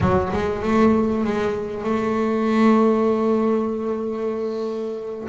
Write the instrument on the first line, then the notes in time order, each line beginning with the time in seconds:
double bass
0.00 F#3
0.33 G#3
0.62 A3
1.24 G#3
1.84 A3